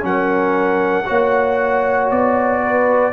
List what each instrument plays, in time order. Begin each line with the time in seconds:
0.00 tuba F#3, trombone C#4, horn A#4, trumpet F#5
1.05 tuba A#3, trombone F#4, horn C#5
2.11 tuba B3, trumpet D5
2.64 horn B4